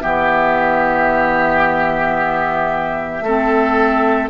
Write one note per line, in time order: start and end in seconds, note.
0.00 3.21 E3
0.00 3.23 B3
0.00 3.24 G4
0.00 4.29 E5
3.21 4.29 A3
3.21 4.31 A4
3.27 4.31 C4